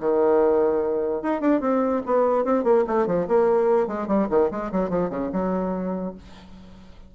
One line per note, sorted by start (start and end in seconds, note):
0.00 1.22 D#3
1.22 1.41 D#4
1.41 1.61 D4
1.61 2.02 C4
2.06 2.45 B3
2.45 2.64 C4
2.64 2.84 A#3
2.87 3.07 A3
3.07 3.27 F3
3.28 3.88 A#3
3.88 4.07 G#3
4.07 4.28 G3
4.30 4.50 D#3
4.51 4.72 G#3
4.72 4.90 F#3
4.90 5.10 F3
5.10 5.30 C#3
5.33 6.15 F#3